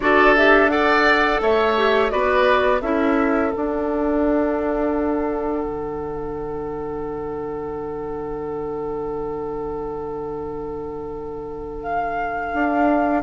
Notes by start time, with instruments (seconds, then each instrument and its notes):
0.00 bassoon D4, clarinet F#4, oboe A4, flute D5
0.36 clarinet G4, flute E5
0.69 clarinet A4, oboe D5, flute F#5
1.41 bassoon A3, oboe C#5, flute E5
1.77 clarinet G4
2.09 bassoon B3, clarinet F#4, oboe B4, flute D5
2.81 bassoon C#4, clarinet E4, oboe A4, flute E5
3.51 clarinet D4, bassoon D4, flute F#5
5.64 bassoon D3
11.82 flute F5
12.53 bassoon D4